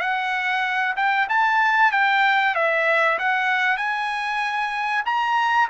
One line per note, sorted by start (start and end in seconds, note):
0.00 0.95 F#5
0.96 1.27 G5
1.29 1.92 A5
1.92 2.55 G5
2.55 3.18 E5
3.19 3.77 F#5
3.77 5.03 G#5
5.06 5.69 A#5